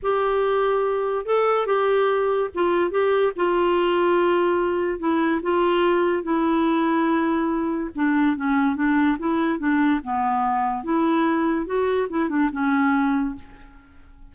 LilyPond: \new Staff \with { instrumentName = "clarinet" } { \time 4/4 \tempo 4 = 144 g'2. a'4 | g'2 f'4 g'4 | f'1 | e'4 f'2 e'4~ |
e'2. d'4 | cis'4 d'4 e'4 d'4 | b2 e'2 | fis'4 e'8 d'8 cis'2 | }